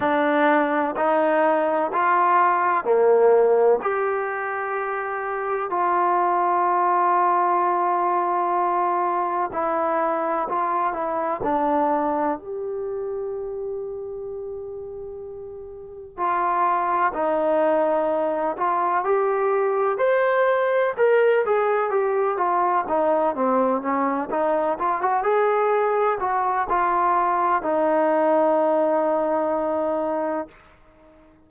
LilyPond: \new Staff \with { instrumentName = "trombone" } { \time 4/4 \tempo 4 = 63 d'4 dis'4 f'4 ais4 | g'2 f'2~ | f'2 e'4 f'8 e'8 | d'4 g'2.~ |
g'4 f'4 dis'4. f'8 | g'4 c''4 ais'8 gis'8 g'8 f'8 | dis'8 c'8 cis'8 dis'8 f'16 fis'16 gis'4 fis'8 | f'4 dis'2. | }